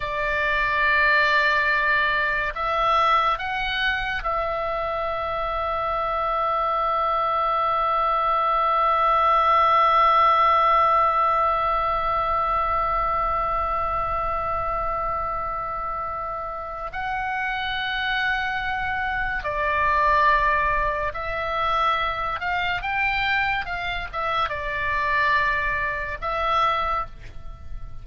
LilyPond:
\new Staff \with { instrumentName = "oboe" } { \time 4/4 \tempo 4 = 71 d''2. e''4 | fis''4 e''2.~ | e''1~ | e''1~ |
e''1 | fis''2. d''4~ | d''4 e''4. f''8 g''4 | f''8 e''8 d''2 e''4 | }